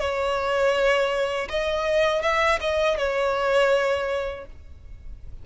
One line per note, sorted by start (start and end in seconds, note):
0.00 1.48 C#5
1.49 2.22 D#5
2.22 2.59 E5
2.61 2.98 D#5
2.98 4.46 C#5